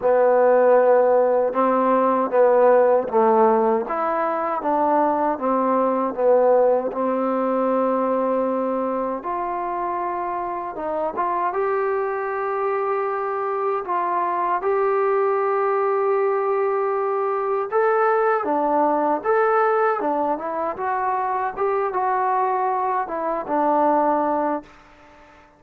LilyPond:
\new Staff \with { instrumentName = "trombone" } { \time 4/4 \tempo 4 = 78 b2 c'4 b4 | a4 e'4 d'4 c'4 | b4 c'2. | f'2 dis'8 f'8 g'4~ |
g'2 f'4 g'4~ | g'2. a'4 | d'4 a'4 d'8 e'8 fis'4 | g'8 fis'4. e'8 d'4. | }